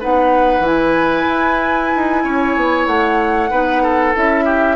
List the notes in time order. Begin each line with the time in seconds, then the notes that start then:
0.00 B3 D#4 B4 F#5
0.59 E3 E4
0.66 G#5
1.28 E4
1.97 D#4
2.24 C#4 C#5
2.56 B3
2.87 A3 F#5
3.50 B3 D#4 B4
3.83 A4
4.14 C#4 E4 E5
4.45 G4